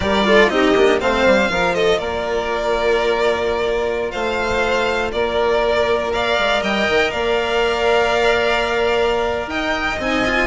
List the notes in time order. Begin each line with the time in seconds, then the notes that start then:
0.00 G3 G4 A#4 D5
0.24 F4 A4
0.49 C4 D#4 G4 D#5
0.75 A#3 D4
1.00 A3 C4 C5 F5
1.25 G3
1.49 F3 F4 A#4
1.74 A4 D#5
1.98 A#3 A#4 D5
4.11 A3 C5 F5
5.12 A#3 A#4 D5
6.11 A#4 D5 F5
6.38 G#3
6.62 G3 D#5 G5
6.88 D#3
7.10 A#3 D5 F5
9.46 D#4 D#5 G5
9.98 C4 D#4 G#5
10.25 F4